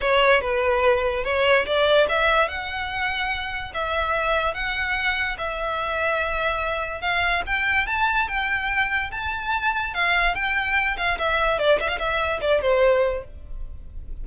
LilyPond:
\new Staff \with { instrumentName = "violin" } { \time 4/4 \tempo 4 = 145 cis''4 b'2 cis''4 | d''4 e''4 fis''2~ | fis''4 e''2 fis''4~ | fis''4 e''2.~ |
e''4 f''4 g''4 a''4 | g''2 a''2 | f''4 g''4. f''8 e''4 | d''8 e''16 f''16 e''4 d''8 c''4. | }